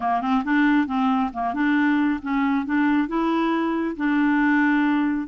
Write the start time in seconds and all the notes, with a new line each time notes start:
0.00 A#3
0.21 C4
0.44 D4
0.86 C4
1.33 A#3
1.54 D4
2.21 C#4
2.65 D4
3.08 E4
3.96 D4